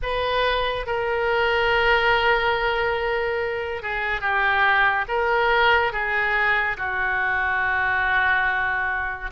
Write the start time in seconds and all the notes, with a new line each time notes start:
0.02 B4
0.86 A#4
3.82 G#4
4.20 G4
5.07 A#4
5.92 G#4
6.77 F#4